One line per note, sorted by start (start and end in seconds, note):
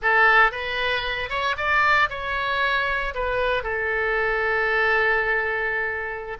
0.01 0.51 A4
0.51 1.29 B4
1.29 1.55 C#5
1.57 2.09 D5
2.09 3.14 C#5
3.14 3.63 B4
3.63 6.37 A4